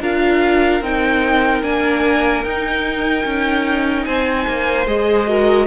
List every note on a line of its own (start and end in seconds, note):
0.00 0.81 D4
0.00 0.82 F4
0.00 4.06 A#4
0.00 0.83 F5
0.81 1.62 C4
0.81 1.62 D#4
0.81 1.63 G5
1.62 2.43 A#3
1.62 2.43 D4
1.62 2.44 G#5
2.43 3.24 D#4
2.43 4.86 D#4
2.43 4.05 G5
3.25 4.06 C#4
4.05 4.46 C4
4.05 5.28 C5
4.05 4.86 G#5
4.48 4.86 A#3
4.86 5.66 G#3
4.86 5.27 G#4
4.86 5.66 D#5
5.27 5.66 F#4
5.27 5.66 A#4